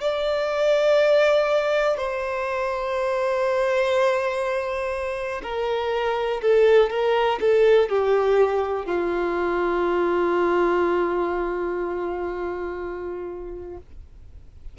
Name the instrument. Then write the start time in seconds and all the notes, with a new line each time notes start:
violin
0.00 D5
1.97 C5
5.42 A#4
6.41 A4
6.89 A#4
7.40 A4
7.89 G4
8.85 F4